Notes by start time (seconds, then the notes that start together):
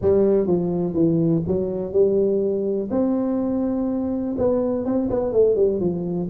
0.01 G3
0.47 F3
0.93 E3
1.47 F#3
1.92 G3
2.90 C4
4.38 B3
4.85 C4
5.10 B3
5.32 A3
5.55 G3
5.80 F3